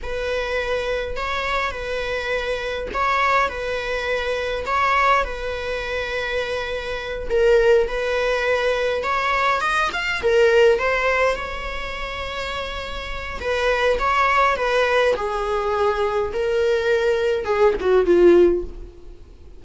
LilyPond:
\new Staff \with { instrumentName = "viola" } { \time 4/4 \tempo 4 = 103 b'2 cis''4 b'4~ | b'4 cis''4 b'2 | cis''4 b'2.~ | b'8 ais'4 b'2 cis''8~ |
cis''8 dis''8 f''8 ais'4 c''4 cis''8~ | cis''2. b'4 | cis''4 b'4 gis'2 | ais'2 gis'8 fis'8 f'4 | }